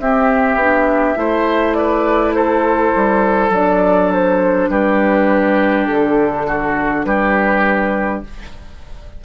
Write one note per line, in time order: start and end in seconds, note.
0.00 0.56 C4
0.00 0.60 C4
0.00 1.19 G4
0.00 1.74 E5
0.56 1.14 B3
0.56 1.15 D4
1.15 2.93 A3
1.15 3.51 E4
1.15 1.78 C5
1.74 2.36 B4
1.74 2.33 D5
2.35 4.70 A4
2.35 3.52 C5
2.96 3.50 G3
3.50 4.68 F#3
3.50 8.24 D4
3.50 4.13 D5
4.13 4.70 C5
4.70 5.87 G3
4.70 6.47 G4
4.70 5.87 B4
5.87 7.05 D3
5.87 7.05 A4
6.47 7.06 F#4
7.05 8.23 G3
7.05 8.25 G4
7.05 8.23 B4